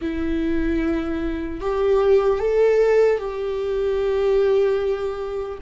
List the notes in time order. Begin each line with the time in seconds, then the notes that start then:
0.01 E4
1.60 G4
2.39 A4
3.18 G4